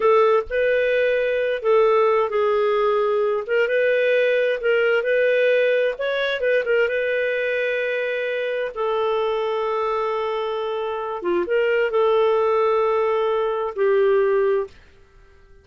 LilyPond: \new Staff \with { instrumentName = "clarinet" } { \time 4/4 \tempo 4 = 131 a'4 b'2~ b'8 a'8~ | a'4 gis'2~ gis'8 ais'8 | b'2 ais'4 b'4~ | b'4 cis''4 b'8 ais'8 b'4~ |
b'2. a'4~ | a'1~ | a'8 f'8 ais'4 a'2~ | a'2 g'2 | }